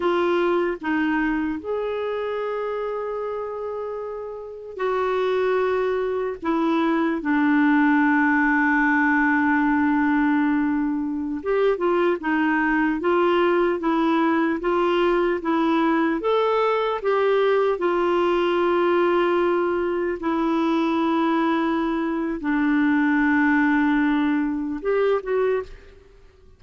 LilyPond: \new Staff \with { instrumentName = "clarinet" } { \time 4/4 \tempo 4 = 75 f'4 dis'4 gis'2~ | gis'2 fis'2 | e'4 d'2.~ | d'2~ d'16 g'8 f'8 dis'8.~ |
dis'16 f'4 e'4 f'4 e'8.~ | e'16 a'4 g'4 f'4.~ f'16~ | f'4~ f'16 e'2~ e'8. | d'2. g'8 fis'8 | }